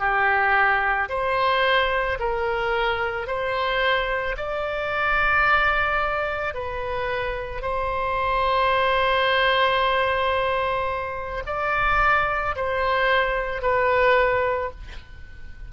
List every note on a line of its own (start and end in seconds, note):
0.00 1.09 G4
1.10 2.19 C5
2.20 3.27 A#4
3.27 4.36 C5
4.37 6.55 D5
6.55 7.62 B4
7.62 11.44 C5
11.46 12.56 D5
12.56 13.62 C5
13.62 14.71 B4